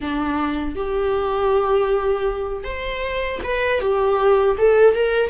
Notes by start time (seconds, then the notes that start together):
0.00 D4
0.75 G4
2.64 C5
3.43 B4
3.80 G4
4.58 A4
4.94 A#4